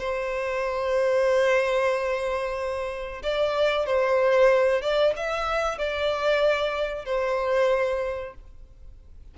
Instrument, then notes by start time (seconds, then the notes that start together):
violin
0.00 C5
3.23 D5
3.87 C5
4.82 D5
5.16 E5
5.78 D5
7.06 C5